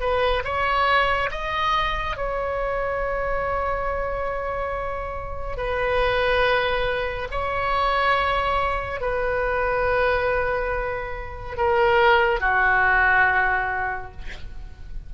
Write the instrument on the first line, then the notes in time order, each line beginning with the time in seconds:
oboe
0.00 B4
0.44 C#5
1.31 D#5
2.16 C#5
5.57 B4
7.31 C#5
9.00 B4
11.57 A#4
12.40 F#4